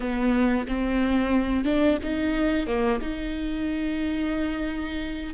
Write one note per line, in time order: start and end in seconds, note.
0.00 0.66 B3
0.67 1.64 C4
1.64 1.98 D4
2.02 2.66 D#4
2.66 3.00 A#3
3.01 5.34 D#4